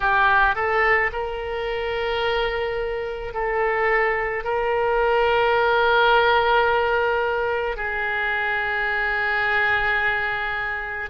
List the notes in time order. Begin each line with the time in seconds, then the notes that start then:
0.00 G4
0.55 A4
1.12 A#4
3.33 A4
4.43 A#4
7.76 G#4